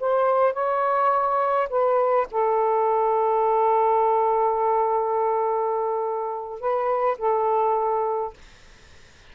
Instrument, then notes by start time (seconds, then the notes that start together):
saxophone
0.00 C5
0.53 C#5
1.70 B4
2.31 A4
6.60 B4
7.18 A4